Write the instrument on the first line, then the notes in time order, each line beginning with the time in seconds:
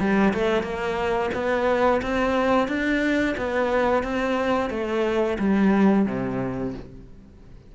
cello
0.00 G3
0.34 A3
0.63 A#3
1.34 B3
2.03 C4
2.68 D4
3.38 B3
4.04 C4
4.70 A3
5.39 G3
6.07 C3